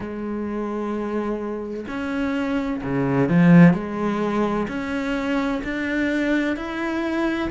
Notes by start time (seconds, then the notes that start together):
0.00 G#3
1.87 C#4
2.83 C#3
3.28 F3
3.73 G#3
4.68 C#4
5.64 D4
6.56 E4